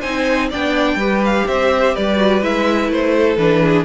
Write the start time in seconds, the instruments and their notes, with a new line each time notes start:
0.00 cello C4, viola D#4, violin C5 G#5
0.50 cello B3, viola D4, violin D5 G5
0.95 cello G3, viola G4, violin B4
1.25 violin F5
1.48 cello C4, violin C5 E5
1.95 cello G3, violin B4 D5
2.17 viola F#4
2.42 cello G#3, viola E4, violin E5
2.88 cello A3, violin C5
3.17 violin A4
3.37 cello E3, viola D4, violin B4
3.62 violin G#4